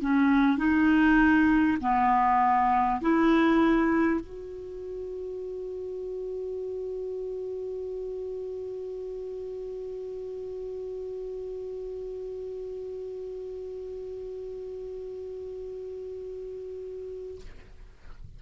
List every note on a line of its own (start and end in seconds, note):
0.00 0.57 C#4
0.57 1.77 D#4
1.81 3.01 B3
3.01 4.20 E4
4.20 17.40 F#4